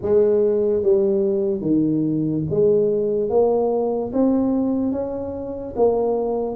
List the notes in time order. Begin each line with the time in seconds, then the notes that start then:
0.01 G#3
0.83 G3
1.61 D#3
2.50 G#3
3.29 A#3
4.12 C4
4.91 C#4
5.75 A#3